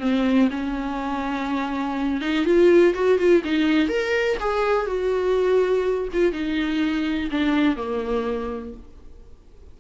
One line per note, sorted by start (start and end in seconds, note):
0.00 0.49 C4
0.51 2.21 C#4
2.21 2.45 D#4
2.45 2.94 F4
2.94 3.18 F#4
3.18 3.43 F4
3.44 3.89 D#4
3.89 4.37 A#4
4.39 4.86 G#4
4.86 6.08 F#4
6.13 6.32 F4
6.32 7.29 D#4
7.31 7.76 D4
7.76 8.74 A#3